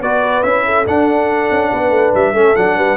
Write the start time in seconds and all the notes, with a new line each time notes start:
0.00 B3 F#4 B4 D5
0.43 C#4 E4 E5
0.65 A4
0.86 D4 F#5
1.51 C#4
1.71 B3 B4
1.90 A3
2.14 G3 E5
2.33 A3 C#4 A4
2.56 F#3 D4 F#5
2.76 G3 B4